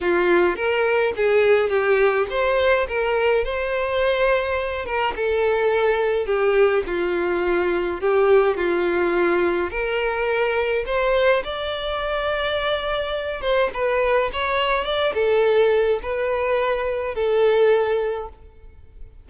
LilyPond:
\new Staff \with { instrumentName = "violin" } { \time 4/4 \tempo 4 = 105 f'4 ais'4 gis'4 g'4 | c''4 ais'4 c''2~ | c''8 ais'8 a'2 g'4 | f'2 g'4 f'4~ |
f'4 ais'2 c''4 | d''2.~ d''8 c''8 | b'4 cis''4 d''8 a'4. | b'2 a'2 | }